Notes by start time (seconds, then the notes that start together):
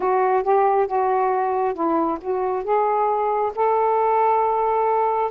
0.00 F#4
0.43 G4
0.87 F#4
1.74 E4
2.21 F#4
2.64 G#4
3.55 A4